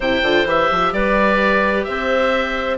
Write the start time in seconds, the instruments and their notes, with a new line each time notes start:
0.00 bassoon C3, viola E4, clarinet C5, oboe G5
0.22 bassoon D3, viola F4
0.45 bassoon E3, viola G4, oboe E5
0.71 bassoon F3
0.92 bassoon G3, clarinet B4, oboe D5
1.84 bassoon C4, clarinet C5, oboe E5